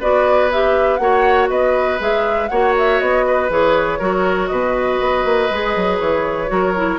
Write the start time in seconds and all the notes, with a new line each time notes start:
0.00 B3 F#4 B4 D5
0.52 G4 E5
0.97 A#3 F#4 C#5 F#5
1.49 B3 B4 D#5
1.99 G#3 G#4 E5
2.48 A#3 F#4 C#5 F#5
2.78 E5
3.00 B3 D#5
3.27 B4
3.50 E3 G#4 C#5
3.99 F#3 F#4 A#4
4.47 B2 B4 D#5
5.00 B3
5.24 A#3
5.51 G#3 G#4
5.76 F#3
5.99 E3 C#5
6.48 F#3 F#4 A#4
6.76 E4